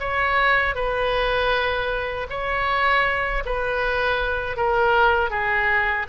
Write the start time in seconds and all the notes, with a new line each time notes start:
0.00 C#5
0.75 B4
2.30 C#5
3.46 B4
4.57 A#4
5.30 G#4